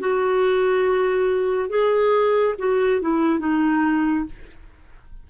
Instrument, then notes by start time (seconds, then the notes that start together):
clarinet
0.00 F#4
1.69 G#4
2.58 F#4
3.01 E4
3.40 D#4